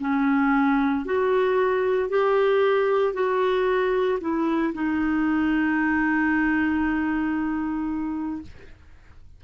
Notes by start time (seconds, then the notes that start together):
0.00 C#4
1.05 F#4
2.10 G4
3.14 F#4
4.21 E4
4.74 D#4